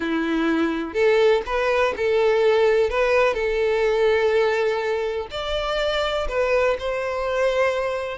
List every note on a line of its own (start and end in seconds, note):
0.00 0.93 E4
0.93 1.42 A4
1.46 1.94 B4
1.97 2.90 A4
2.90 3.34 B4
3.34 5.27 A4
5.30 6.27 D5
6.28 6.77 B4
6.79 8.18 C5